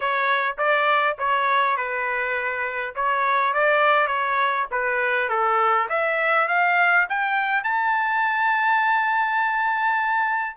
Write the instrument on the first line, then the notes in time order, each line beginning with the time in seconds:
trumpet
0.00 C#5
0.57 D5
1.18 C#5
1.76 B4
2.95 C#5
3.53 D5
4.07 C#5
4.71 B4
5.29 A4
5.89 E5
6.47 F5
7.09 G5
7.63 A5